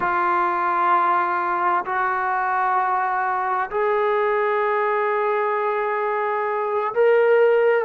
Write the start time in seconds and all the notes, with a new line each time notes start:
0.00 F4
1.85 F#4
3.70 G#4
6.94 A#4